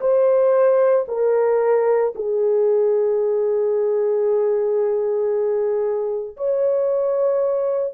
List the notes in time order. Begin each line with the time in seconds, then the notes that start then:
0.00 C5
1.08 A#4
2.15 G#4
6.37 C#5